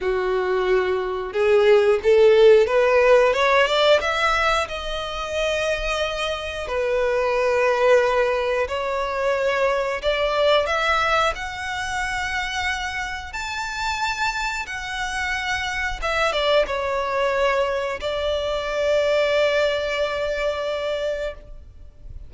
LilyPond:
\new Staff \with { instrumentName = "violin" } { \time 4/4 \tempo 4 = 90 fis'2 gis'4 a'4 | b'4 cis''8 d''8 e''4 dis''4~ | dis''2 b'2~ | b'4 cis''2 d''4 |
e''4 fis''2. | a''2 fis''2 | e''8 d''8 cis''2 d''4~ | d''1 | }